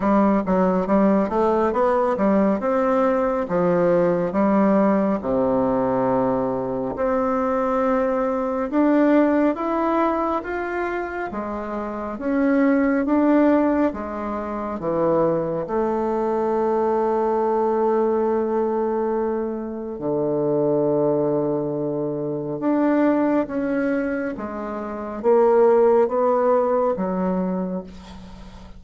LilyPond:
\new Staff \with { instrumentName = "bassoon" } { \time 4/4 \tempo 4 = 69 g8 fis8 g8 a8 b8 g8 c'4 | f4 g4 c2 | c'2 d'4 e'4 | f'4 gis4 cis'4 d'4 |
gis4 e4 a2~ | a2. d4~ | d2 d'4 cis'4 | gis4 ais4 b4 fis4 | }